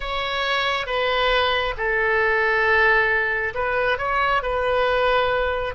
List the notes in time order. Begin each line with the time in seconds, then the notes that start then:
0.00 C#5
0.86 B4
1.76 A4
3.54 B4
3.98 C#5
4.42 B4